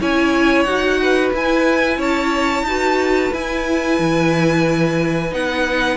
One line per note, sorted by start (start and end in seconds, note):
0.00 0.65 C#4
0.00 0.67 E4
0.00 1.00 C#5
0.00 0.64 G#5
0.64 1.32 D#4
0.64 1.34 F#4
0.64 1.30 F#5
1.02 1.98 B4
1.33 1.97 E4
1.33 2.68 E4
1.33 2.01 G#5
1.97 2.63 C#4
1.97 2.65 C#5
1.97 3.33 A5
2.63 3.29 D#4
2.63 3.32 F#4
2.63 5.97 B4
3.32 5.30 E4
3.32 3.99 E4
3.32 5.33 G#5
3.99 5.32 E3
5.30 5.97 B3
5.30 5.97 D#4
5.30 5.97 F#5